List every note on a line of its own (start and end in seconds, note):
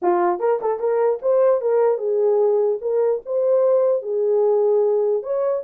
0.02 0.39 F4
0.39 0.59 A#4
0.61 0.79 A4
0.79 1.19 A#4
1.22 1.61 C5
1.61 1.98 A#4
1.98 2.78 G#4
2.81 3.21 A#4
3.25 4.02 C5
4.02 5.22 G#4
5.22 5.63 C#5